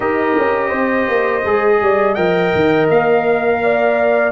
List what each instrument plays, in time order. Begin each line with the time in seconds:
0.00 tuba D#4, trombone G4, horn A#4, trumpet D#5
0.38 tuba C#4
0.68 tuba C4, horn C5
1.08 tuba A#3
1.44 tuba G#3, trombone G#4
1.80 tuba G3, horn D5
2.14 tuba F3, trombone A#4, horn D#5, trumpet G5
2.54 tuba D#3
2.89 tuba A#3, trumpet F5
3.62 horn D5